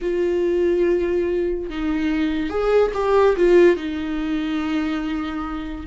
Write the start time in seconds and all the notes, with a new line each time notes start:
0.01 F4
1.69 D#4
2.49 G#4
2.94 G4
3.36 F4
3.76 D#4